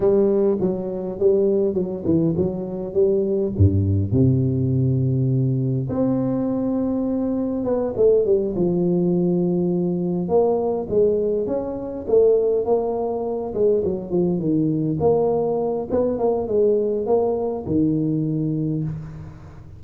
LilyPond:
\new Staff \with { instrumentName = "tuba" } { \time 4/4 \tempo 4 = 102 g4 fis4 g4 fis8 e8 | fis4 g4 g,4 c4~ | c2 c'2~ | c'4 b8 a8 g8 f4.~ |
f4. ais4 gis4 cis'8~ | cis'8 a4 ais4. gis8 fis8 | f8 dis4 ais4. b8 ais8 | gis4 ais4 dis2 | }